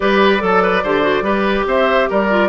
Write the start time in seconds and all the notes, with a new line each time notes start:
0.00 G3 G4 B4 D5
0.39 F#3 A4
0.62 B4
0.83 D3 G4 C5
1.02 F#4
1.21 G3 G4 B4
1.66 C4 C5 E5
2.09 G3 A#4 D5
2.30 F4